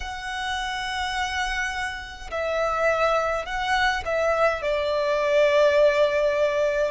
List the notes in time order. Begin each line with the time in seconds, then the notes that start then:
0.00 F#5
2.31 E5
3.45 F#5
4.05 E5
4.62 D5